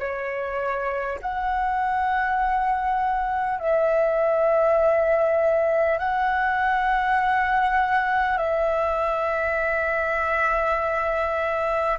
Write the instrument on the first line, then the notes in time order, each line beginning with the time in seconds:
flute
0.00 C#5
1.22 F#5
3.59 E5
5.99 F#5
8.38 E5